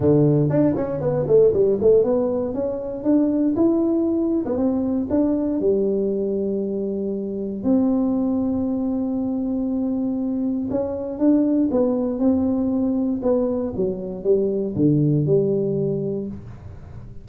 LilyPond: \new Staff \with { instrumentName = "tuba" } { \time 4/4 \tempo 4 = 118 d4 d'8 cis'8 b8 a8 g8 a8 | b4 cis'4 d'4 e'4~ | e'8. b16 c'4 d'4 g4~ | g2. c'4~ |
c'1~ | c'4 cis'4 d'4 b4 | c'2 b4 fis4 | g4 d4 g2 | }